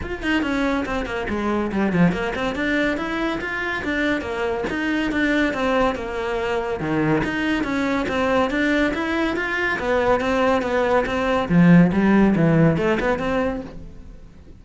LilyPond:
\new Staff \with { instrumentName = "cello" } { \time 4/4 \tempo 4 = 141 f'8 dis'8 cis'4 c'8 ais8 gis4 | g8 f8 ais8 c'8 d'4 e'4 | f'4 d'4 ais4 dis'4 | d'4 c'4 ais2 |
dis4 dis'4 cis'4 c'4 | d'4 e'4 f'4 b4 | c'4 b4 c'4 f4 | g4 e4 a8 b8 c'4 | }